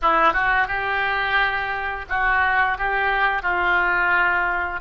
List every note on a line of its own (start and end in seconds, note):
0.02 0.33 E4
0.33 0.67 F#4
0.67 2.05 G4
2.09 2.77 F#4
2.77 3.42 G4
3.42 4.80 F4